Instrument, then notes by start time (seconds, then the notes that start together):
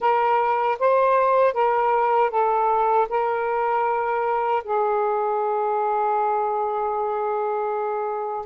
saxophone
0.00 A#4
0.79 C5
1.53 A#4
2.30 A4
3.09 A#4
4.64 G#4